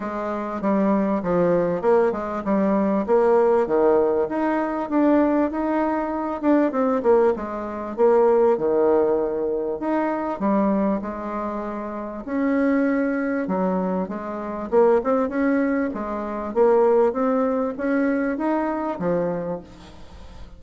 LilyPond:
\new Staff \with { instrumentName = "bassoon" } { \time 4/4 \tempo 4 = 98 gis4 g4 f4 ais8 gis8 | g4 ais4 dis4 dis'4 | d'4 dis'4. d'8 c'8 ais8 | gis4 ais4 dis2 |
dis'4 g4 gis2 | cis'2 fis4 gis4 | ais8 c'8 cis'4 gis4 ais4 | c'4 cis'4 dis'4 f4 | }